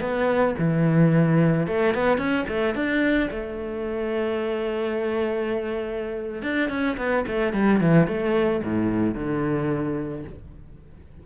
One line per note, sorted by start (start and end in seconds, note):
0.00 0.55 B3
0.58 1.67 E3
1.67 1.94 A3
1.94 2.17 B3
2.17 2.45 C#4
2.48 2.74 A3
2.74 3.29 D4
3.30 6.42 A3
6.42 6.69 D4
6.69 6.96 C#4
6.97 7.24 B3
7.27 7.53 A3
7.53 7.80 G3
7.80 8.07 E3
8.07 8.62 A3
8.63 9.14 A2
9.14 10.23 D3